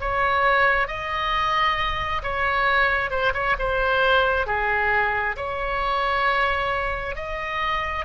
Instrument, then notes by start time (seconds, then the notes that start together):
oboe
0.00 C#5
0.88 D#5
2.23 C#5
3.10 C5
3.33 C#5
3.58 C5
4.46 G#4
5.36 C#5
7.15 D#5